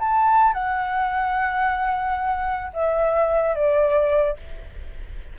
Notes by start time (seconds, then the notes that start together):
0.00 A5
0.54 F#5
2.74 E5
3.56 D5